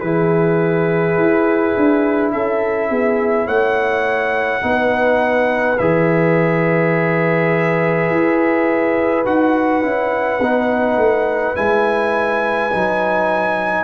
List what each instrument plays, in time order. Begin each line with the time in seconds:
0.00 tuba E3, trombone E4, horn G#4, trumpet B4
1.17 tuba E4
1.77 tuba D4
2.32 tuba C#4, horn A4, trumpet E5
2.90 tuba B3, horn G#4
3.47 tuba A3, horn C#5, trumpet F#5
4.62 tuba B3, trombone D#4, horn B4
5.78 tuba E3, trombone G#4, trumpet E5
8.10 tuba E4
9.25 tuba D#4, trombone F#4, trumpet F#5
9.82 tuba C#4, trombone E4
10.40 tuba B3, trombone D#4
10.97 tuba A3
11.55 tuba G#3, trombone E4, trumpet G#5
12.71 tuba F#3, trombone D#4